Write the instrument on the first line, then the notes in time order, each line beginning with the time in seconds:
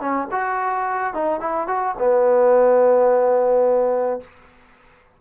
trombone
0.00 C#4
0.32 F#4
1.14 D#4
1.40 E4
1.67 F#4
1.98 B3